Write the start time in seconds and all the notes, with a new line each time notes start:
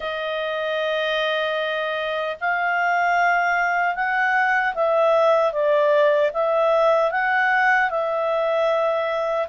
0.00 D#5
2.40 F5
3.95 F#5
4.74 E5
5.52 D5
6.33 E5
7.11 F#5
7.89 E5